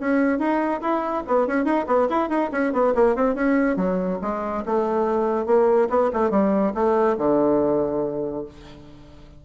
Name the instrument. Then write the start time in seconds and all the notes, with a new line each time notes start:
bassoon
0.00 C#4
0.39 D#4
0.81 E4
1.27 B3
1.47 C#4
1.65 D#4
1.87 B3
2.09 E4
2.29 D#4
2.52 C#4
2.73 B3
2.95 A#3
3.16 C4
3.35 C#4
3.77 F#3
4.22 G#3
4.66 A3
5.46 A#3
5.90 B3
6.13 A3
6.31 G3
6.74 A3
7.18 D3